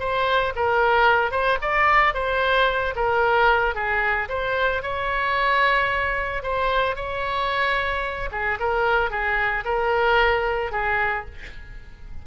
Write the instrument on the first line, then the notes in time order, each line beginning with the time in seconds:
oboe
0.00 C5
0.56 A#4
1.31 C5
1.62 D5
2.14 C5
2.96 A#4
3.75 G#4
4.29 C5
4.83 C#5
6.43 C5
6.96 C#5
8.32 G#4
8.60 A#4
9.11 G#4
9.65 A#4
10.72 G#4